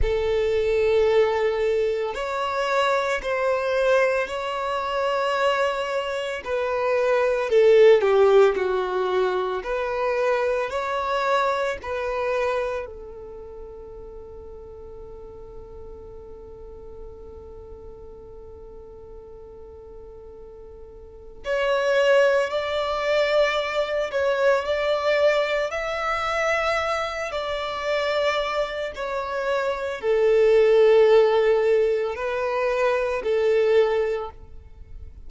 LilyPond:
\new Staff \with { instrumentName = "violin" } { \time 4/4 \tempo 4 = 56 a'2 cis''4 c''4 | cis''2 b'4 a'8 g'8 | fis'4 b'4 cis''4 b'4 | a'1~ |
a'1 | cis''4 d''4. cis''8 d''4 | e''4. d''4. cis''4 | a'2 b'4 a'4 | }